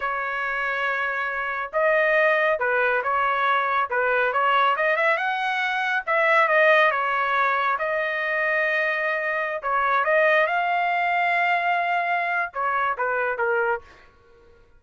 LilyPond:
\new Staff \with { instrumentName = "trumpet" } { \time 4/4 \tempo 4 = 139 cis''1 | dis''2 b'4 cis''4~ | cis''4 b'4 cis''4 dis''8 e''8 | fis''2 e''4 dis''4 |
cis''2 dis''2~ | dis''2~ dis''16 cis''4 dis''8.~ | dis''16 f''2.~ f''8.~ | f''4 cis''4 b'4 ais'4 | }